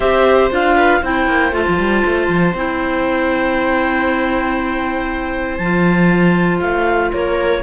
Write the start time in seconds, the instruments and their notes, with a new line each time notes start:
0.00 cello C4, clarinet G4 E5, viola C5
0.50 cello D4, clarinet F4 F5
0.75 viola B4
1.01 cello C4, clarinet E4 G5, viola C5
1.27 cello A#3
1.51 cello A3, clarinet F4 A5
1.68 cello F3
1.77 cello G3
2.05 cello A3
2.27 cello F3
2.54 cello C4, clarinet E4 G5
5.57 cello F3, clarinet F4 A5
6.60 cello A3, clarinet F5
7.12 cello A#3, viola A#4, clarinet C#5